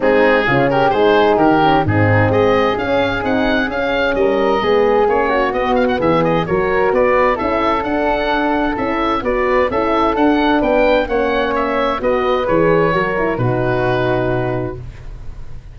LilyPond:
<<
  \new Staff \with { instrumentName = "oboe" } { \time 4/4 \tempo 4 = 130 gis'4. ais'8 c''4 ais'4 | gis'4 dis''4 f''4 fis''4 | f''4 dis''2 cis''4 | dis''8 f''16 fis''16 e''8 dis''8 cis''4 d''4 |
e''4 fis''2 e''4 | d''4 e''4 fis''4 g''4 | fis''4 e''4 dis''4 cis''4~ | cis''4 b'2. | }
  \new Staff \with { instrumentName = "flute" } { \time 4/4 dis'4 f'8 g'8 gis'4 g'4 | dis'4 gis'2.~ | gis'4 ais'4 gis'4. fis'8~ | fis'4 gis'4 ais'4 b'4 |
a'1 | b'4 a'2 b'4 | cis''2 b'2 | ais'4 fis'2. | }
  \new Staff \with { instrumentName = "horn" } { \time 4/4 c'4 cis'4 dis'4. cis'8 | c'2 cis'4 dis'4 | cis'2 b4 cis'4 | b2 fis'2 |
e'4 d'2 e'4 | fis'4 e'4 d'2 | cis'2 fis'4 gis'4 | fis'8 e'8 dis'2. | }
  \new Staff \with { instrumentName = "tuba" } { \time 4/4 gis4 cis4 gis4 dis4 | gis,4 gis4 cis'4 c'4 | cis'4 g4 gis4 ais4 | b4 e4 fis4 b4 |
cis'4 d'2 cis'4 | b4 cis'4 d'4 b4 | ais2 b4 e4 | fis4 b,2. | }
>>